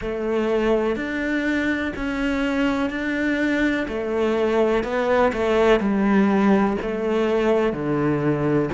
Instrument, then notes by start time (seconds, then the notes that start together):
cello
0.01 A3
0.96 D4
1.96 C#4
2.90 D4
3.88 A3
4.83 B3
5.32 A3
5.80 G3
6.81 A3
7.72 D3